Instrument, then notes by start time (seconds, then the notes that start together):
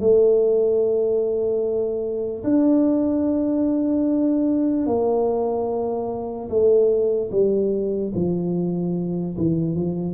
tuba
0.00 A3
2.44 D4
4.86 A#3
6.49 A3
7.31 G3
8.15 F3
9.38 E3
9.76 F3